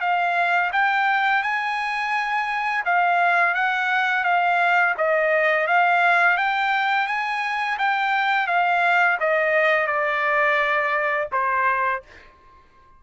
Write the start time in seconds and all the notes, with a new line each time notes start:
0.00 F5
0.72 G5
1.42 G#5
2.85 F5
3.54 F#5
4.24 F5
4.97 D#5
5.67 F5
6.37 G5
7.07 G#5
7.78 G5
8.47 F5
9.20 D#5
9.87 D5
11.32 C5